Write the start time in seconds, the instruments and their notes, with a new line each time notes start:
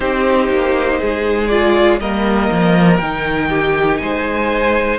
0.00 cello C4, viola D#4, violin G4 C5
0.48 cello A#3
0.99 cello G#3, violin G#4
1.46 viola F4, violin D5
1.99 cello G3, viola A#3, violin A#4 D#5
2.51 cello F3
2.97 cello D#3, viola D#4, violin G5
3.49 violin G4
3.97 cello G#3, violin C5 G#5